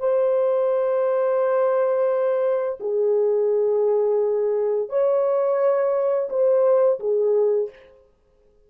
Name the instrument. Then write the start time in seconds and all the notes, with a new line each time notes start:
horn
0.00 C5
2.80 G#4
4.90 C#5
6.30 C5
7.00 G#4